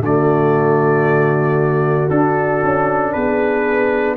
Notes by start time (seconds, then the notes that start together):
0.00 D3 A3 F#4 D5
2.10 D4 A4
2.63 C#4
3.12 B3 G#4 B4